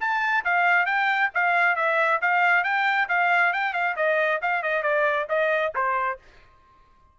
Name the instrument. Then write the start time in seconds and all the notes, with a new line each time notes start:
trumpet
0.00 A5
0.44 F5
0.85 G5
1.34 F5
1.76 E5
2.21 F5
2.64 G5
3.08 F5
3.53 G5
3.73 F5
3.96 D#5
4.41 F5
4.62 D#5
4.82 D5
5.29 D#5
5.75 C5